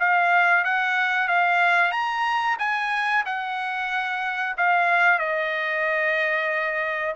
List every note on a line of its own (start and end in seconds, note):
0.00 0.65 F5
0.65 1.28 F#5
1.28 1.92 F5
1.92 2.57 A#5
2.59 3.24 G#5
3.26 4.57 F#5
4.58 5.19 F5
5.19 7.15 D#5